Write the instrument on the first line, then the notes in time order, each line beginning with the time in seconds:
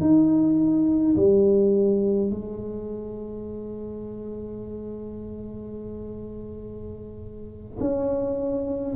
tuba
0.00 D#4
1.16 G3
2.30 G#3
7.79 C#4